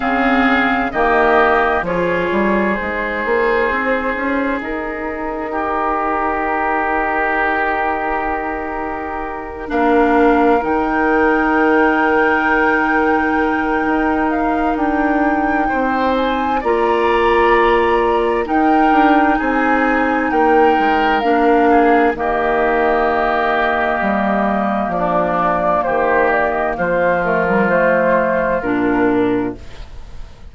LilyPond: <<
  \new Staff \with { instrumentName = "flute" } { \time 4/4 \tempo 4 = 65 f''4 dis''4 cis''4 c''4~ | c''4 ais'2.~ | ais'2~ ais'8 f''4 g''8~ | g''2.~ g''8 f''8 |
g''4. gis''8 ais''2 | g''4 gis''4 g''4 f''4 | dis''2. d''4 | c''8 d''16 dis''16 c''8 ais'8 c''4 ais'4 | }
  \new Staff \with { instrumentName = "oboe" } { \time 4/4 gis'4 g'4 gis'2~ | gis'2 g'2~ | g'2~ g'8 ais'4.~ | ais'1~ |
ais'4 c''4 d''2 | ais'4 gis'4 ais'4. gis'8 | g'2. d'4 | g'4 f'2. | }
  \new Staff \with { instrumentName = "clarinet" } { \time 4/4 c'4 ais4 f'4 dis'4~ | dis'1~ | dis'2~ dis'8 d'4 dis'8~ | dis'1~ |
dis'2 f'2 | dis'2. d'4 | ais1~ | ais4. a16 g16 a4 d'4 | }
  \new Staff \with { instrumentName = "bassoon" } { \time 4/4 cis4 dis4 f8 g8 gis8 ais8 | c'8 cis'8 dis'2.~ | dis'2~ dis'8 ais4 dis8~ | dis2. dis'4 |
d'4 c'4 ais2 | dis'8 d'8 c'4 ais8 gis8 ais4 | dis2 g4 f4 | dis4 f2 ais,4 | }
>>